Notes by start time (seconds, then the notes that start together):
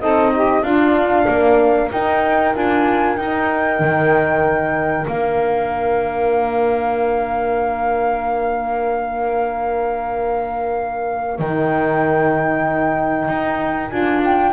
0.00 C4 D#4 A4 D#5
0.33 G4
0.62 D4 F4 F5
1.26 A#3 A#4
1.91 D#4 G5
2.54 D4 F4 G#5
3.16 D#4 G5
3.79 D#3
5.06 A#3 D4 F5
11.39 D#3 D#4 G5
13.28 D#4
13.89 D4 F4 G#5
14.24 G5